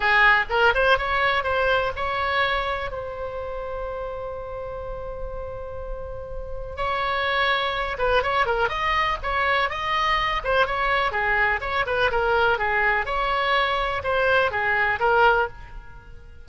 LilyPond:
\new Staff \with { instrumentName = "oboe" } { \time 4/4 \tempo 4 = 124 gis'4 ais'8 c''8 cis''4 c''4 | cis''2 c''2~ | c''1~ | c''2 cis''2~ |
cis''8 b'8 cis''8 ais'8 dis''4 cis''4 | dis''4. c''8 cis''4 gis'4 | cis''8 b'8 ais'4 gis'4 cis''4~ | cis''4 c''4 gis'4 ais'4 | }